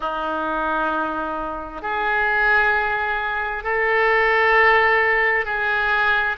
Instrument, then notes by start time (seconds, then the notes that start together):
oboe
0.00 D#4
1.81 G#4
3.63 A4
5.45 G#4